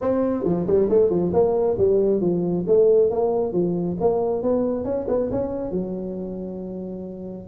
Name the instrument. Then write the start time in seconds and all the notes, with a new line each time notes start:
tuba
0.01 C4
0.44 F3
0.66 G3
0.89 A3
1.09 F3
1.33 A#3
1.78 G3
2.21 F3
2.67 A3
3.10 A#3
3.52 F3
4.00 A#3
4.42 B3
4.84 C#4
5.08 B3
5.31 C#4
5.71 F#3